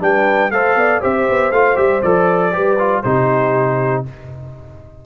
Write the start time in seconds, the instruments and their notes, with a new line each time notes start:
0.00 tuba G3, trombone D4, horn B4, trumpet G5
0.51 tuba A3, trombone A4, horn C5, trumpet F5
0.76 tuba B3, horn D5
1.01 tuba C4, trombone G4, horn C5, trumpet E5
1.30 tuba B3
1.51 tuba A3, trombone F4, trumpet F5
1.76 tuba G3, trombone G4, trumpet E5
2.02 tuba F3, trombone A4, trumpet D5
2.52 tuba G3, trombone G4, horn B4
2.79 trombone F4
3.03 tuba C3, trombone D#4, horn G4, trumpet C5